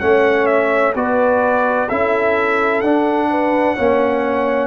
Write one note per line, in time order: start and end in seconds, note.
0.00 0.95 A3
0.00 0.94 C#4
0.00 0.95 C#5
0.00 0.46 F#5
0.46 0.93 E5
0.95 1.89 B3
0.95 1.89 F#4
0.95 1.88 B4
0.95 1.89 D5
1.89 2.81 C#4
1.89 2.84 E4
1.89 3.29 A4
1.89 2.81 E5
2.81 3.75 D4
2.81 3.78 D4
2.81 4.67 F#5
3.30 3.76 B4
3.76 4.67 A#3
3.76 4.67 C#4
3.76 4.67 C#5